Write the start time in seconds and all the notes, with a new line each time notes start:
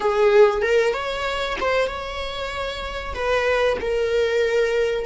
0.00 G#4
0.61 A#4
0.93 C#5
1.60 C5
1.87 C#5
3.14 B4
3.81 A#4